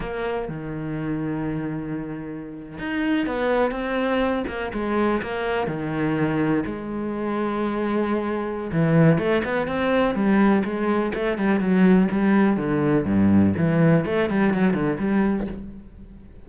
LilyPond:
\new Staff \with { instrumentName = "cello" } { \time 4/4 \tempo 4 = 124 ais4 dis2.~ | dis4.~ dis16 dis'4 b4 c'16~ | c'4~ c'16 ais8 gis4 ais4 dis16~ | dis4.~ dis16 gis2~ gis16~ |
gis2 e4 a8 b8 | c'4 g4 gis4 a8 g8 | fis4 g4 d4 g,4 | e4 a8 g8 fis8 d8 g4 | }